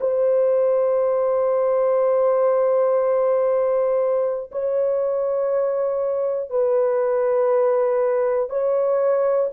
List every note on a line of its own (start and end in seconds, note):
0.00 4.50 C5
4.51 6.50 C#5
6.50 8.49 B4
8.49 9.49 C#5